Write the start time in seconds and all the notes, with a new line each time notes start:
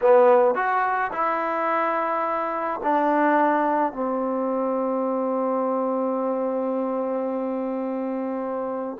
0.01 B3
0.55 F#4
1.12 E4
2.83 D4
3.93 C4